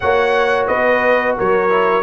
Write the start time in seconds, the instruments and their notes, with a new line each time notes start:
0.00 tuba A#3, trombone F#4, horn C#5, trumpet F#5
0.67 tuba B3, horn B4, trumpet D#5
1.37 tuba F#3, horn A#4, trumpet C#5
1.69 trombone E4